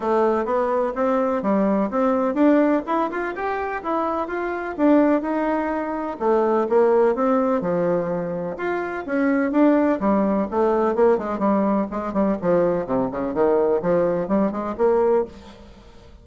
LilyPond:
\new Staff \with { instrumentName = "bassoon" } { \time 4/4 \tempo 4 = 126 a4 b4 c'4 g4 | c'4 d'4 e'8 f'8 g'4 | e'4 f'4 d'4 dis'4~ | dis'4 a4 ais4 c'4 |
f2 f'4 cis'4 | d'4 g4 a4 ais8 gis8 | g4 gis8 g8 f4 c8 cis8 | dis4 f4 g8 gis8 ais4 | }